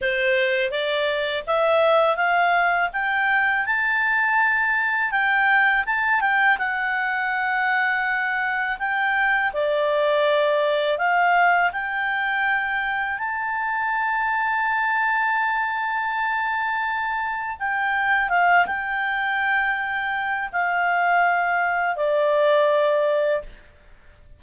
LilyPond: \new Staff \with { instrumentName = "clarinet" } { \time 4/4 \tempo 4 = 82 c''4 d''4 e''4 f''4 | g''4 a''2 g''4 | a''8 g''8 fis''2. | g''4 d''2 f''4 |
g''2 a''2~ | a''1 | g''4 f''8 g''2~ g''8 | f''2 d''2 | }